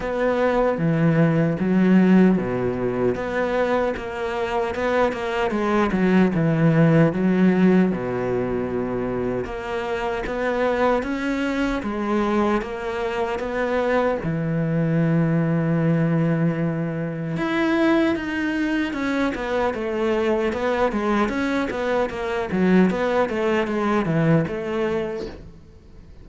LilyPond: \new Staff \with { instrumentName = "cello" } { \time 4/4 \tempo 4 = 76 b4 e4 fis4 b,4 | b4 ais4 b8 ais8 gis8 fis8 | e4 fis4 b,2 | ais4 b4 cis'4 gis4 |
ais4 b4 e2~ | e2 e'4 dis'4 | cis'8 b8 a4 b8 gis8 cis'8 b8 | ais8 fis8 b8 a8 gis8 e8 a4 | }